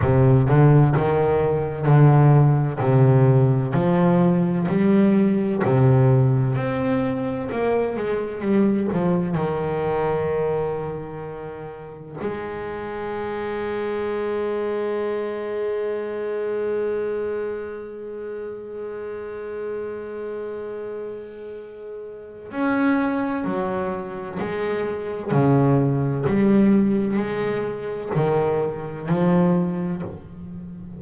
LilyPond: \new Staff \with { instrumentName = "double bass" } { \time 4/4 \tempo 4 = 64 c8 d8 dis4 d4 c4 | f4 g4 c4 c'4 | ais8 gis8 g8 f8 dis2~ | dis4 gis2.~ |
gis1~ | gis1 | cis'4 fis4 gis4 cis4 | g4 gis4 dis4 f4 | }